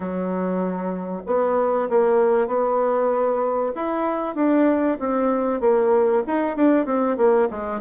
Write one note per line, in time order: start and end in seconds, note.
0.00 1.22 F#3
1.26 1.89 B3
1.89 2.47 A#3
2.47 3.72 B3
3.75 4.35 E4
4.35 4.97 D4
4.99 5.60 C4
5.60 6.22 A#3
6.26 6.56 D#4
6.56 6.85 D4
6.85 7.16 C4
7.17 7.48 A#3
7.50 7.81 G#3